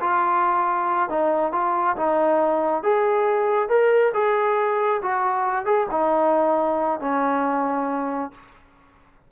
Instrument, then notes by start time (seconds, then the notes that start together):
trombone
0.00 F4
1.09 D#4
1.52 F4
1.96 D#4
2.83 G#4
3.69 A#4
4.14 G#4
5.02 F#4
5.65 G#4
5.91 D#4
7.00 C#4